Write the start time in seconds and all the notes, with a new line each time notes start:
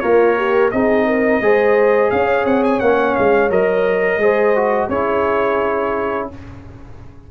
0.00 A#3 F4 A#4 C#5
0.37 G4
0.71 C4 D#4 G#4 D#5
1.07 A#4
1.41 G#3 G#4 C5
2.10 C#4 C#5 F5
2.45 C4 F#5
2.64 G#5
2.80 A#3 C#4 F#5
3.15 G#3 F5
3.50 F#3 A#4 D#5
4.17 G#3 G#4 C5
4.56 F#4
4.89 C#4 E4 G#4 C#5